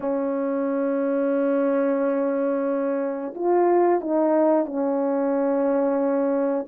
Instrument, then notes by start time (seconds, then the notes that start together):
horn
0.00 C#4
3.35 F4
4.01 D#4
4.66 C#4